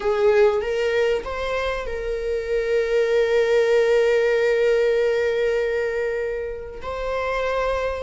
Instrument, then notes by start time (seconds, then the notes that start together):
viola
0.00 G#4
0.61 A#4
1.24 C5
1.86 A#4
6.82 C5